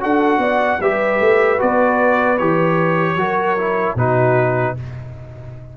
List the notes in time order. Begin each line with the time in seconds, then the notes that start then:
0.00 D4 F#4 A4 F#5
0.38 B3 D5
0.80 G3 G4 B4 E5
1.20 A3
1.58 B3 F#4 D5
2.38 E3 G4 C#5
3.16 F#3 F#4 A#4
3.57 E4
3.95 B2 D#4 F#4 B4